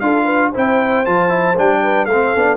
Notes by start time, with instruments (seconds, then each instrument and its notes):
0.00 tuba D4, trombone F4, horn A4, trumpet F5
0.24 horn B4
0.52 tuba C4, trombone E4, horn C5, trumpet G5
1.06 tuba F3, trombone F4, trumpet A5
1.29 trombone E4
1.57 tuba G3, trombone D4, trumpet G5
1.83 horn B4
2.05 tuba A3, horn A4, trumpet F5
2.12 trombone C4
2.36 tuba B3, trombone D4